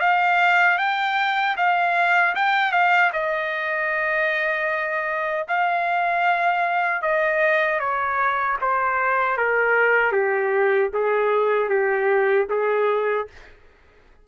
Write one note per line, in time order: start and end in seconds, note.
0.00 0.78 F5
0.78 1.56 G5
1.57 2.35 F5
2.36 2.72 G5
2.72 3.11 F5
3.13 5.47 D#5
5.48 7.02 F5
7.02 7.80 D#5
7.80 8.57 C#5
8.61 9.38 C5
9.38 10.12 A#4
10.12 10.90 G4
10.93 11.69 G#4
11.69 12.47 G4
12.50 13.28 G#4